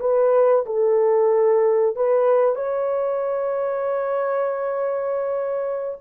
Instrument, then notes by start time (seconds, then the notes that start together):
horn
0.00 B4
0.66 A4
1.96 B4
2.56 C#5